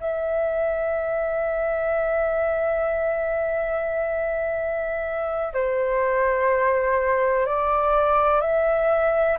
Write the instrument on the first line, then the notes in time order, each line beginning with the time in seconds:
flute
0.00 E5
5.53 C5
7.46 D5
8.41 E5